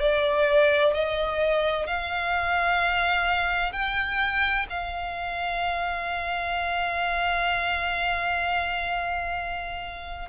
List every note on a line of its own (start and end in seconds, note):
0.00 0.94 D5
0.94 1.87 D#5
1.87 3.72 F5
3.72 4.66 G5
4.70 10.29 F5